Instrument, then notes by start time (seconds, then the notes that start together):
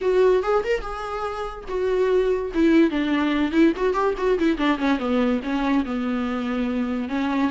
viola
0.01 F#4
0.43 G#4
0.63 A#4
0.81 G#4
1.68 F#4
2.53 E4
2.90 D4
3.51 E4
3.76 F#4
3.93 G4
4.17 F#4
4.38 E4
4.57 D4
4.78 C#4
4.98 B3
5.43 C#4
5.85 B3
7.09 C#4